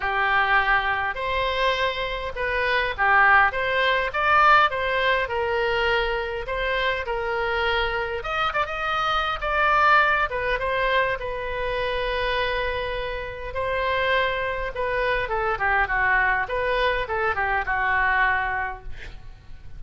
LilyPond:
\new Staff \with { instrumentName = "oboe" } { \time 4/4 \tempo 4 = 102 g'2 c''2 | b'4 g'4 c''4 d''4 | c''4 ais'2 c''4 | ais'2 dis''8 d''16 dis''4~ dis''16 |
d''4. b'8 c''4 b'4~ | b'2. c''4~ | c''4 b'4 a'8 g'8 fis'4 | b'4 a'8 g'8 fis'2 | }